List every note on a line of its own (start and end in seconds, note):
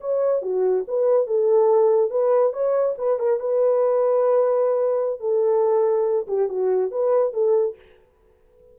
0.00 0.42 C#5
0.42 0.84 F#4
0.87 1.26 B4
1.26 2.10 A4
2.10 2.52 B4
2.52 2.95 C#5
2.98 3.19 B4
3.19 3.40 A#4
3.40 5.20 B4
5.20 6.26 A4
6.27 6.48 G4
6.48 6.91 F#4
6.91 7.33 B4
7.33 7.75 A4